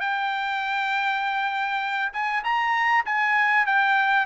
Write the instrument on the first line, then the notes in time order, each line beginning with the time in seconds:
trumpet
0.00 G5
2.13 G#5
2.44 A#5
3.06 G#5
3.66 G5